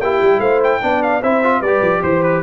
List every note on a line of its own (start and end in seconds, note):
0.00 0.20 A#3
0.00 0.82 E4
0.00 0.40 G4
0.00 0.41 G5
0.22 0.40 G3
0.40 0.80 A3
0.40 0.81 C5
0.40 0.61 F5
0.64 1.03 G5
0.82 1.23 B3
0.82 1.22 D4
0.82 1.22 D5
1.03 1.23 F5
1.22 1.61 C4
1.22 1.44 E4
1.22 1.60 C5
1.22 1.62 E5
1.44 1.64 F4
1.60 1.81 G3
1.60 2.01 B4
1.60 2.02 D5
1.66 2.43 G4
1.82 2.02 F3
2.02 2.43 E3
2.02 2.43 C5
2.02 2.23 C5
2.23 2.43 B4